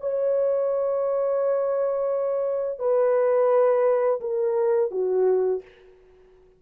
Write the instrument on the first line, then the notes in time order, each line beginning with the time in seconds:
horn
0.00 C#5
2.79 B4
4.20 A#4
4.91 F#4